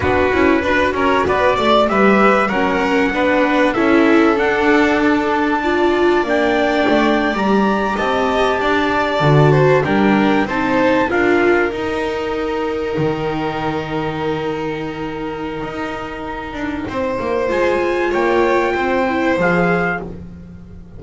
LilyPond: <<
  \new Staff \with { instrumentName = "trumpet" } { \time 4/4 \tempo 4 = 96 b'4. cis''8 d''4 e''4 | fis''2 e''4 fis''4 | a''2 g''4.~ g''16 ais''16~ | ais''8. a''2. g''16~ |
g''8. a''4 f''4 g''4~ g''16~ | g''1~ | g''1 | gis''4 g''2 f''4 | }
  \new Staff \with { instrumentName = "violin" } { \time 4/4 fis'4 b'8 ais'8 b'8 d''8 b'4 | ais'4 b'4 a'2~ | a'4 d''2.~ | d''8. dis''4 d''4. c''8 ais'16~ |
ais'8. c''4 ais'2~ ais'16~ | ais'1~ | ais'2. c''4~ | c''4 cis''4 c''2 | }
  \new Staff \with { instrumentName = "viola" } { \time 4/4 d'8 e'8 fis'2 g'4 | cis'4 d'4 e'4 d'4~ | d'4 f'4 d'4.~ d'16 g'16~ | g'2~ g'8. fis'4 d'16~ |
d'8. dis'4 f'4 dis'4~ dis'16~ | dis'1~ | dis'1 | f'2~ f'8 e'8 gis'4 | }
  \new Staff \with { instrumentName = "double bass" } { \time 4/4 b8 cis'8 d'8 cis'8 b8 a8 g4 | fis4 b4 cis'4 d'4~ | d'2 ais4 a8. g16~ | g8. c'4 d'4 d4 g16~ |
g8. c'4 d'4 dis'4~ dis'16~ | dis'8. dis2.~ dis16~ | dis4 dis'4. d'8 c'8 ais8 | gis4 ais4 c'4 f4 | }
>>